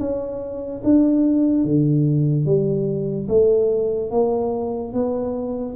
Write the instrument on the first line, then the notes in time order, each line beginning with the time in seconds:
tuba
0.00 C#4
0.84 D4
1.64 D3
2.45 G3
3.29 A3
4.11 A#3
4.93 B3